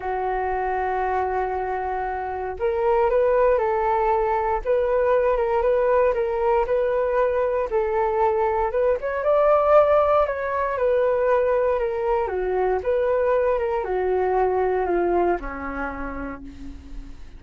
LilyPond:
\new Staff \with { instrumentName = "flute" } { \time 4/4 \tempo 4 = 117 fis'1~ | fis'4 ais'4 b'4 a'4~ | a'4 b'4. ais'8 b'4 | ais'4 b'2 a'4~ |
a'4 b'8 cis''8 d''2 | cis''4 b'2 ais'4 | fis'4 b'4. ais'8 fis'4~ | fis'4 f'4 cis'2 | }